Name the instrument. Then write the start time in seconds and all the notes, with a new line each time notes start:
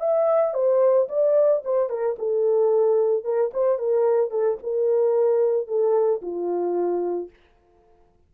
horn
0.00 E5
0.54 C5
1.09 D5
1.65 C5
1.89 A#4
2.19 A4
3.24 A#4
3.53 C5
3.79 A#4
4.31 A4
4.63 A#4
5.68 A4
6.22 F4